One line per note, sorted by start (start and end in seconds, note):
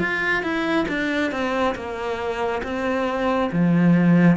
0.00 0.43 F4
0.43 0.87 E4
0.89 1.32 D4
1.32 1.75 C4
1.75 2.62 A#3
2.64 3.51 C4
3.53 4.37 F3